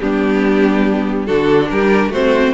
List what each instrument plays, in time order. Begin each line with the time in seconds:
0.00 cello G3, viola B3, violin D4 G4
1.26 cello D3, viola D4, violin F#4 A4
1.69 cello G3, violin G4 A#4
2.09 cello A3, viola C4, violin F#4 C5